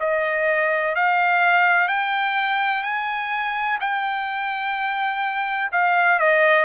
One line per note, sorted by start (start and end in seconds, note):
0.00 0.95 D#5
0.95 1.87 F5
1.87 2.83 G5
2.83 3.78 G#5
3.80 5.71 G5
5.72 6.19 F5
6.19 6.65 D#5